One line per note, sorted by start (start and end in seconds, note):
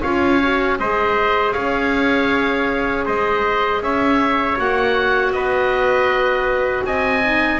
0.00 0.79 C#4
0.00 0.41 F4
0.00 0.76 C#5
0.00 0.78 F5
0.42 0.78 F#4
0.78 1.55 G#3
0.78 4.57 G#4
0.78 1.53 C5
0.78 1.52 D#5
1.52 3.07 C#4
1.52 3.05 C#5
1.52 3.04 F5
3.05 3.81 G#3
3.05 3.81 C5
3.05 3.82 D#5
3.81 4.57 C#4
3.81 5.35 C#5
3.81 4.58 E5
4.57 5.31 A#3
4.57 7.23 F#4
4.57 5.32 F#5
5.31 6.83 B3
5.31 6.86 B4
5.31 6.84 D#5
6.84 7.59 C4
6.84 7.59 D#5
6.84 7.59 G#5
7.23 7.59 D#4